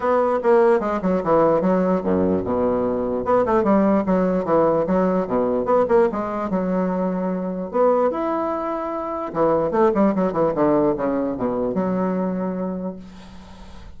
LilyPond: \new Staff \with { instrumentName = "bassoon" } { \time 4/4 \tempo 4 = 148 b4 ais4 gis8 fis8 e4 | fis4 fis,4 b,2 | b8 a8 g4 fis4 e4 | fis4 b,4 b8 ais8 gis4 |
fis2. b4 | e'2. e4 | a8 g8 fis8 e8 d4 cis4 | b,4 fis2. | }